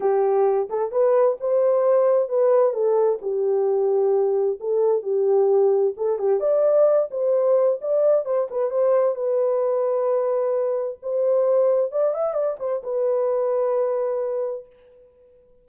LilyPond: \new Staff \with { instrumentName = "horn" } { \time 4/4 \tempo 4 = 131 g'4. a'8 b'4 c''4~ | c''4 b'4 a'4 g'4~ | g'2 a'4 g'4~ | g'4 a'8 g'8 d''4. c''8~ |
c''4 d''4 c''8 b'8 c''4 | b'1 | c''2 d''8 e''8 d''8 c''8 | b'1 | }